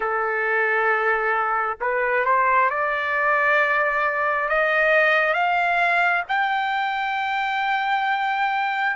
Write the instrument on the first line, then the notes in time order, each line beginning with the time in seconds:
trumpet
0.00 A4
1.81 B4
2.25 C5
2.69 D5
4.48 D#5
5.33 F5
6.28 G5